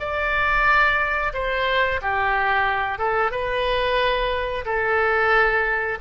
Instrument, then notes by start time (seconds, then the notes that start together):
oboe
0.00 D5
1.34 C5
2.02 G4
2.99 A4
3.32 B4
4.66 A4